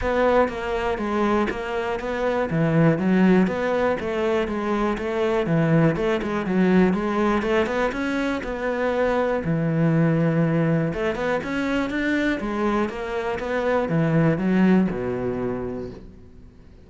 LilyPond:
\new Staff \with { instrumentName = "cello" } { \time 4/4 \tempo 4 = 121 b4 ais4 gis4 ais4 | b4 e4 fis4 b4 | a4 gis4 a4 e4 | a8 gis8 fis4 gis4 a8 b8 |
cis'4 b2 e4~ | e2 a8 b8 cis'4 | d'4 gis4 ais4 b4 | e4 fis4 b,2 | }